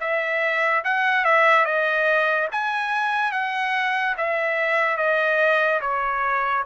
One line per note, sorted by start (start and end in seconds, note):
0.00 0.83 E5
0.84 1.24 F#5
1.24 1.65 E5
1.65 2.48 D#5
2.52 3.32 G#5
3.32 4.15 F#5
4.17 4.97 E5
4.97 5.80 D#5
5.81 6.64 C#5